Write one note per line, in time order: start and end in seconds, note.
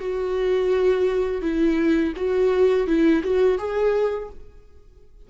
0.00 1.42 F#4
1.42 2.13 E4
2.17 2.87 F#4
2.87 3.23 E4
3.24 3.58 F#4
3.58 4.30 G#4